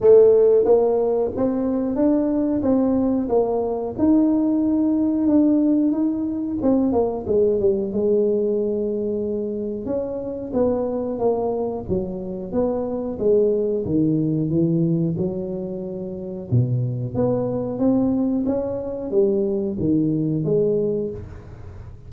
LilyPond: \new Staff \with { instrumentName = "tuba" } { \time 4/4 \tempo 4 = 91 a4 ais4 c'4 d'4 | c'4 ais4 dis'2 | d'4 dis'4 c'8 ais8 gis8 g8 | gis2. cis'4 |
b4 ais4 fis4 b4 | gis4 dis4 e4 fis4~ | fis4 b,4 b4 c'4 | cis'4 g4 dis4 gis4 | }